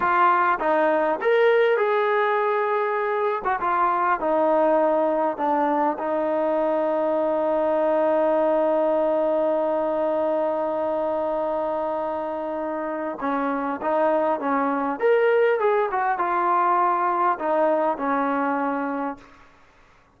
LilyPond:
\new Staff \with { instrumentName = "trombone" } { \time 4/4 \tempo 4 = 100 f'4 dis'4 ais'4 gis'4~ | gis'4.~ gis'16 fis'16 f'4 dis'4~ | dis'4 d'4 dis'2~ | dis'1~ |
dis'1~ | dis'2 cis'4 dis'4 | cis'4 ais'4 gis'8 fis'8 f'4~ | f'4 dis'4 cis'2 | }